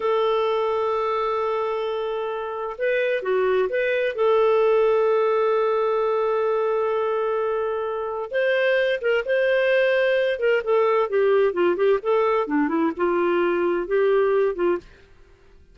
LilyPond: \new Staff \with { instrumentName = "clarinet" } { \time 4/4 \tempo 4 = 130 a'1~ | a'2 b'4 fis'4 | b'4 a'2.~ | a'1~ |
a'2 c''4. ais'8 | c''2~ c''8 ais'8 a'4 | g'4 f'8 g'8 a'4 d'8 e'8 | f'2 g'4. f'8 | }